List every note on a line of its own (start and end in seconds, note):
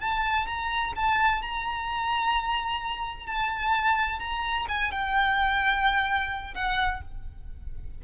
0.00 0.47 A5
0.47 0.93 A#5
0.96 1.42 A5
1.42 3.26 A#5
3.26 4.19 A5
4.19 4.66 A#5
4.68 4.92 G#5
4.92 6.54 G5
6.55 7.01 F#5